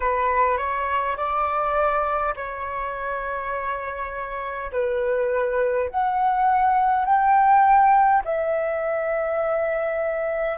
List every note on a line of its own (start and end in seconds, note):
0.00 0.57 B4
0.57 1.16 C#5
1.17 2.34 D5
2.35 4.71 C#5
4.72 5.89 B4
5.89 7.05 F#5
7.05 8.22 G5
8.24 10.58 E5